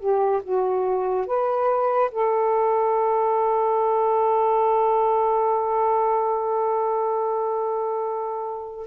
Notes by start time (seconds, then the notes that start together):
0.00 G4
0.43 F#4
1.27 B4
2.12 A4